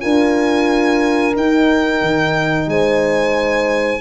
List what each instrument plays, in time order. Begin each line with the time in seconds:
0.00 tuba D4, horn F4 A#4, violin G#5
1.35 tuba D#4, horn D#4, violin G5
2.01 tuba D#3
2.66 tuba G#3, horn C5, violin G#5